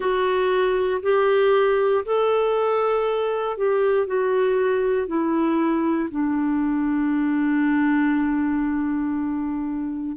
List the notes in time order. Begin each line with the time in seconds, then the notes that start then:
0.00 F#4
1.02 G4
2.05 A4
3.57 G4
4.06 F#4
5.07 E4
6.10 D4